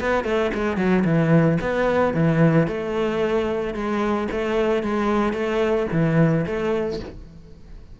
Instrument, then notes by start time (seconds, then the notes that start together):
cello
0.00 B3
0.24 A3
0.54 G#3
0.77 F#3
1.04 E3
1.61 B3
2.14 E3
2.67 A3
3.74 G#3
4.31 A3
4.83 G#3
5.33 A3
5.92 E3
6.46 A3